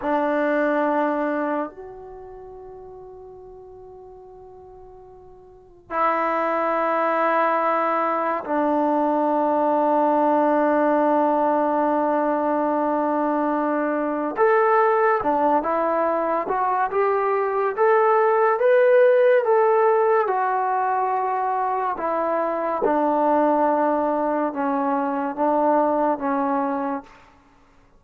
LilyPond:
\new Staff \with { instrumentName = "trombone" } { \time 4/4 \tempo 4 = 71 d'2 fis'2~ | fis'2. e'4~ | e'2 d'2~ | d'1~ |
d'4 a'4 d'8 e'4 fis'8 | g'4 a'4 b'4 a'4 | fis'2 e'4 d'4~ | d'4 cis'4 d'4 cis'4 | }